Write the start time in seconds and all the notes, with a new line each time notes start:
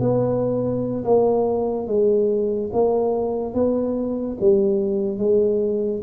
0.00 B3
1.05 A#3
1.87 G#3
2.73 A#3
3.54 B3
4.41 G3
5.18 G#3